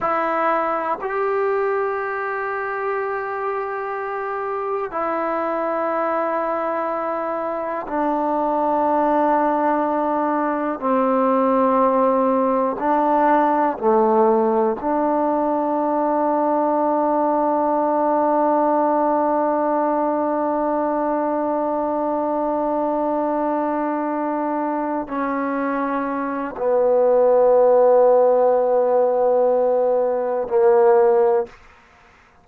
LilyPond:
\new Staff \with { instrumentName = "trombone" } { \time 4/4 \tempo 4 = 61 e'4 g'2.~ | g'4 e'2. | d'2. c'4~ | c'4 d'4 a4 d'4~ |
d'1~ | d'1~ | d'4. cis'4. b4~ | b2. ais4 | }